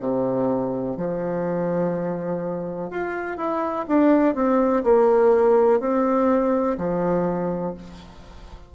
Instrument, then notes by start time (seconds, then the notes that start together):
bassoon
0.00 C3
0.96 F3
2.90 F4
3.37 E4
3.88 D4
4.35 C4
4.83 A#3
5.80 C4
6.77 F3